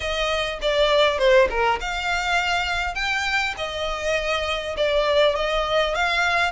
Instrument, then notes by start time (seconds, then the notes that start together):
violin
0.00 D#5
0.61 D5
1.18 C5
1.50 A#4
1.80 F5
2.95 G5
3.57 D#5
4.76 D5
5.35 D#5
5.94 F5